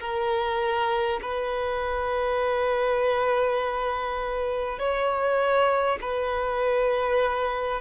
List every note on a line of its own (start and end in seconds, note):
0.00 1.20 A#4
1.22 4.78 B4
4.78 5.98 C#5
6.01 7.81 B4